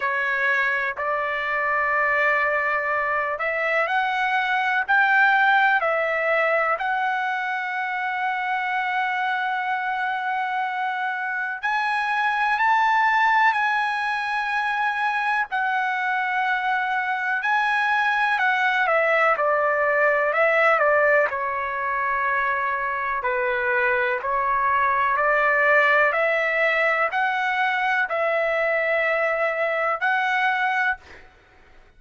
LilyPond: \new Staff \with { instrumentName = "trumpet" } { \time 4/4 \tempo 4 = 62 cis''4 d''2~ d''8 e''8 | fis''4 g''4 e''4 fis''4~ | fis''1 | gis''4 a''4 gis''2 |
fis''2 gis''4 fis''8 e''8 | d''4 e''8 d''8 cis''2 | b'4 cis''4 d''4 e''4 | fis''4 e''2 fis''4 | }